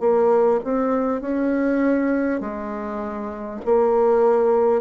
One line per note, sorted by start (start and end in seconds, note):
0.00 0.60 A#3
0.64 1.22 C4
1.22 2.41 C#4
2.41 3.61 G#3
3.65 4.82 A#3